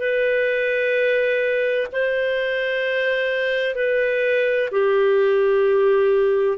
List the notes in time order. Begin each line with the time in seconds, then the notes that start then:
0.00 B4
1.93 C5
3.75 B4
4.72 G4